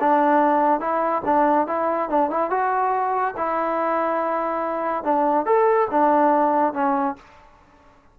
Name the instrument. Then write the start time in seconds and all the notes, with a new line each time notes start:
trombone
0.00 D4
0.80 E4
1.25 D4
1.67 E4
2.10 D4
2.30 E4
2.50 F#4
3.37 E4
5.04 D4
5.45 A4
5.90 D4
6.73 C#4